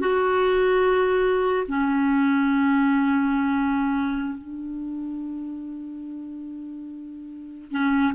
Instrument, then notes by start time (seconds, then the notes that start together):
clarinet
0.00 F#4
1.68 C#4
4.38 D4
7.72 C#4